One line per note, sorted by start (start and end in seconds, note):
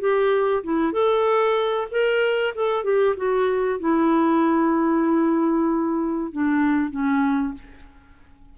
0.00 0.63 G4
0.64 0.93 E4
0.93 1.87 A4
1.91 2.54 A#4
2.55 2.84 A4
2.84 3.16 G4
3.17 3.80 F#4
3.80 6.32 E4
6.32 6.91 D4
6.91 7.54 C#4